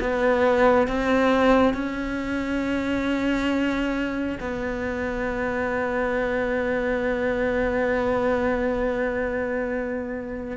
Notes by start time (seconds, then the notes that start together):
0.00 B3
0.87 C4
1.74 C#4
4.40 B3